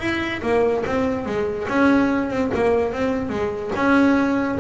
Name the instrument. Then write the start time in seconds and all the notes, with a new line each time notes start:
double bass
0.00 E4
0.42 A#3
0.86 C4
1.26 G#3
1.69 C#4
2.30 C4
2.54 A#3
2.92 C4
3.30 G#3
3.76 C#4